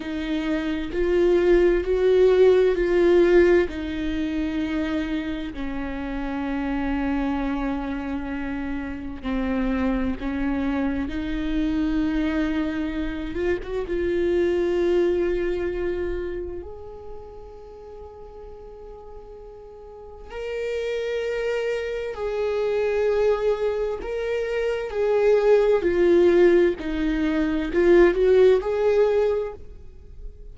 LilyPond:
\new Staff \with { instrumentName = "viola" } { \time 4/4 \tempo 4 = 65 dis'4 f'4 fis'4 f'4 | dis'2 cis'2~ | cis'2 c'4 cis'4 | dis'2~ dis'8 f'16 fis'16 f'4~ |
f'2 gis'2~ | gis'2 ais'2 | gis'2 ais'4 gis'4 | f'4 dis'4 f'8 fis'8 gis'4 | }